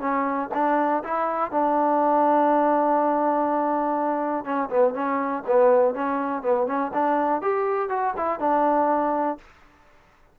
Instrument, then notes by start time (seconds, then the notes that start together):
trombone
0.00 C#4
0.54 D4
1.04 E4
1.51 D4
4.44 C#4
4.69 B3
4.94 C#4
5.47 B3
5.94 C#4
6.42 B3
6.66 C#4
6.93 D4
7.42 G4
7.89 F#4
8.17 E4
8.40 D4